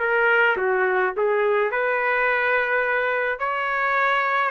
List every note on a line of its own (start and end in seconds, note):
0.00 0.57 A#4
0.57 1.14 F#4
1.17 1.72 G#4
1.72 3.40 B4
3.40 4.52 C#5